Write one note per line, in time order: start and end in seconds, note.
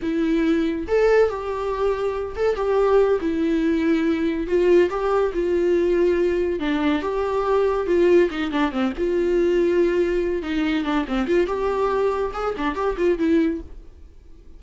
0.02 0.87 E4
0.87 1.29 A4
1.29 2.35 G4
2.36 2.55 A4
2.55 3.19 G4
3.20 4.47 E4
4.47 4.89 F4
4.89 5.32 G4
5.33 6.59 F4
6.59 7.02 D4
7.02 7.86 G4
7.86 8.29 F4
8.30 8.51 D#4
8.51 8.71 D4
8.71 8.92 C4
8.97 10.42 F4
10.42 10.84 D#4
10.84 11.05 D4
11.08 11.27 C4
11.27 11.46 F4
11.46 12.31 G4
12.33 12.55 G#4
12.57 12.75 D4
12.75 12.96 G4
12.97 13.18 F4
13.18 13.60 E4